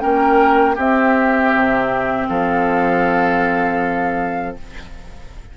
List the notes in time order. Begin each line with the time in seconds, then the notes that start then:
0.00 A#3 C#4 A#4 G5
0.75 C4 G4 E5
1.55 C3
2.28 F3 A4 F5